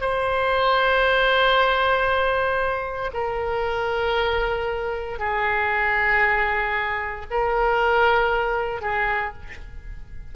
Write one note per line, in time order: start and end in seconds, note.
0.00 3.10 C5
3.13 5.19 A#4
5.19 7.26 G#4
7.30 8.81 A#4
8.81 9.33 G#4